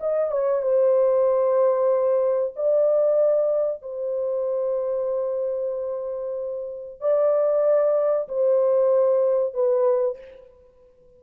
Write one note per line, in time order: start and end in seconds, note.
0.00 0.31 D#5
0.31 0.62 C#5
0.62 2.54 C5
2.56 3.82 D5
3.82 7.00 C5
7.00 8.28 D5
8.29 9.54 C5
9.54 10.18 B4